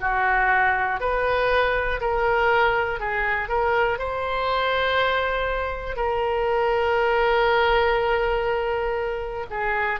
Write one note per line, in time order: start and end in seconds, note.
0.00 1.00 F#4
1.00 2.00 B4
2.01 3.00 A#4
3.00 3.49 G#4
3.49 3.99 A#4
3.99 5.96 C5
5.96 9.46 A#4
9.50 10.00 G#4